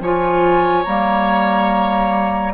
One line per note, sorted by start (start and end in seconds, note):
0.00 0.85 F3
0.00 0.85 F4
0.00 2.53 C#5
0.00 0.84 G#5
0.84 2.53 G3
0.84 2.53 A#3
0.84 2.53 A#5